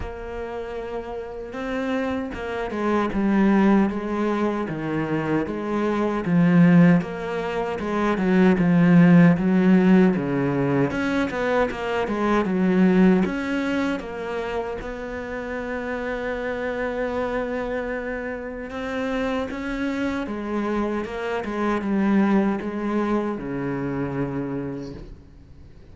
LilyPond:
\new Staff \with { instrumentName = "cello" } { \time 4/4 \tempo 4 = 77 ais2 c'4 ais8 gis8 | g4 gis4 dis4 gis4 | f4 ais4 gis8 fis8 f4 | fis4 cis4 cis'8 b8 ais8 gis8 |
fis4 cis'4 ais4 b4~ | b1 | c'4 cis'4 gis4 ais8 gis8 | g4 gis4 cis2 | }